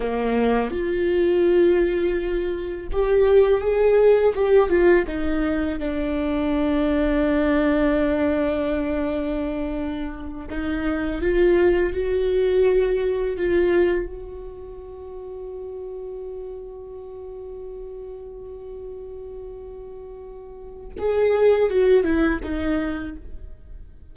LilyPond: \new Staff \with { instrumentName = "viola" } { \time 4/4 \tempo 4 = 83 ais4 f'2. | g'4 gis'4 g'8 f'8 dis'4 | d'1~ | d'2~ d'8 dis'4 f'8~ |
f'8 fis'2 f'4 fis'8~ | fis'1~ | fis'1~ | fis'4 gis'4 fis'8 e'8 dis'4 | }